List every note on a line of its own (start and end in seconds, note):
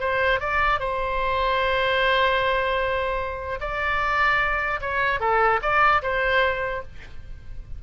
0.00 0.40 C5
0.40 0.80 D5
0.80 3.60 C5
3.61 4.81 D5
4.81 5.20 C#5
5.20 5.60 A4
5.62 6.02 D5
6.03 6.83 C5